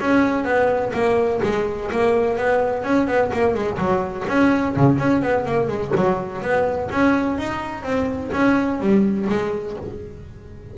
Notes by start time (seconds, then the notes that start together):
0.00 C#4
0.44 B3
0.93 A#3
1.43 G#3
1.91 A#3
2.37 B3
2.84 C#4
3.07 B3
3.33 A#3
3.54 G#3
3.78 F#3
4.28 C#4
4.76 C#3
4.98 C#4
5.22 B3
5.45 A#3
5.68 G#3
5.96 F#3
6.42 B3
6.91 C#4
7.38 D#4
7.82 C4
8.32 C#4
8.80 G3
9.29 G#3